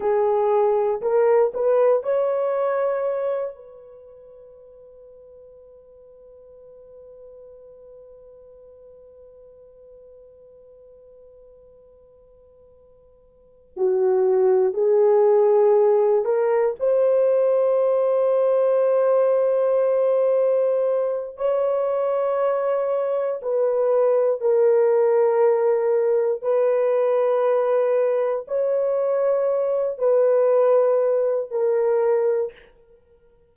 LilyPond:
\new Staff \with { instrumentName = "horn" } { \time 4/4 \tempo 4 = 59 gis'4 ais'8 b'8 cis''4. b'8~ | b'1~ | b'1~ | b'4. fis'4 gis'4. |
ais'8 c''2.~ c''8~ | c''4 cis''2 b'4 | ais'2 b'2 | cis''4. b'4. ais'4 | }